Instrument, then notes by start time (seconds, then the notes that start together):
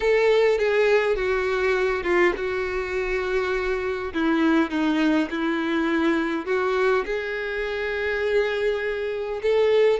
violin
0.00 A4
0.58 G#4
1.16 F#4
2.03 F4
2.36 F#4
4.13 E4
4.70 D#4
5.30 E4
6.45 F#4
7.05 G#4
9.42 A4